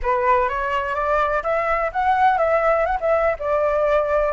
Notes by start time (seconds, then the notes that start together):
0.02 B4
0.48 C#5
0.94 D5
1.43 E5
1.92 F#5
2.37 E5
2.85 F#5
3.00 E5
3.39 D5